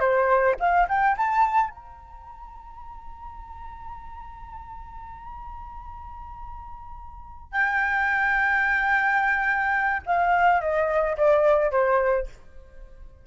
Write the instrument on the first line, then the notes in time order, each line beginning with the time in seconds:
flute
0.00 C5
0.59 F5
0.88 G5
1.17 A5
1.70 A#5
7.52 G5
10.06 F5
10.61 D#5
11.17 D5
11.71 C5